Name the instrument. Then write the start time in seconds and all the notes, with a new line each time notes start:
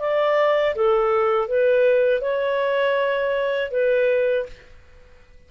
clarinet
0.00 D5
0.75 A4
1.48 B4
2.22 C#5
3.71 B4